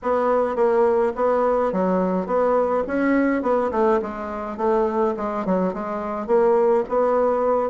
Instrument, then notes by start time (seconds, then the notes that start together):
bassoon
0.02 B3
0.55 A#3
1.15 B3
1.72 F#3
2.26 B3
2.87 C#4
3.42 B3
3.71 A3
4.02 G#3
4.57 A3
5.17 G#3
5.45 F#3
5.73 G#3
6.26 A#3
6.88 B3